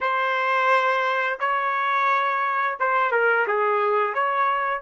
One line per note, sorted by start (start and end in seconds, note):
0.00 1.38 C5
1.39 2.77 C#5
2.79 3.11 C5
3.11 3.46 A#4
3.47 4.13 G#4
4.13 4.82 C#5